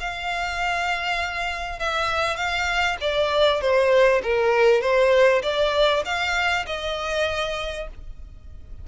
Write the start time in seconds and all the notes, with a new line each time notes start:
0.00 F5
1.79 E5
2.36 F5
3.01 D5
3.61 C5
4.23 A#4
4.81 C5
5.42 D5
6.05 F5
6.66 D#5